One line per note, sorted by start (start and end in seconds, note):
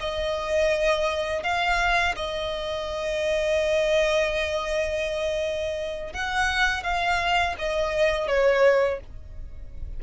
0.00 1.43 D#5
1.43 2.15 F5
2.16 6.13 D#5
6.13 6.83 F#5
6.83 7.55 F5
7.59 8.28 D#5
8.28 9.00 C#5